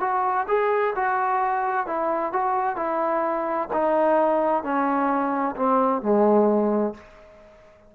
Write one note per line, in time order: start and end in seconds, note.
0.00 0.46 F#4
0.48 0.94 G#4
0.95 1.86 F#4
1.86 2.32 E4
2.32 2.76 F#4
2.76 3.68 E4
3.73 4.63 D#4
4.63 5.55 C#4
5.56 6.02 C4
6.02 6.94 G#3